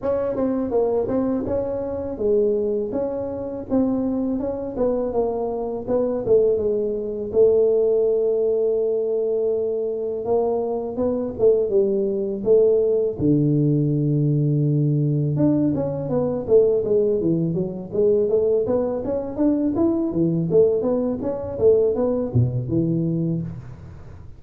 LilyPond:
\new Staff \with { instrumentName = "tuba" } { \time 4/4 \tempo 4 = 82 cis'8 c'8 ais8 c'8 cis'4 gis4 | cis'4 c'4 cis'8 b8 ais4 | b8 a8 gis4 a2~ | a2 ais4 b8 a8 |
g4 a4 d2~ | d4 d'8 cis'8 b8 a8 gis8 e8 | fis8 gis8 a8 b8 cis'8 d'8 e'8 e8 | a8 b8 cis'8 a8 b8 b,8 e4 | }